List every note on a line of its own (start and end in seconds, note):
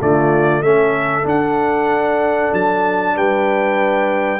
0.00 0.61 D3
0.00 0.63 A3
0.00 0.63 F4
0.00 0.62 D5
0.61 1.24 A3
0.61 1.23 C#4
0.61 3.15 A4
0.61 1.25 E5
1.23 4.39 D4
1.23 2.51 D4
1.23 2.53 F#5
2.52 3.15 F#3
2.52 3.17 A5
3.15 4.39 G3
3.15 4.39 B4
3.15 4.39 G5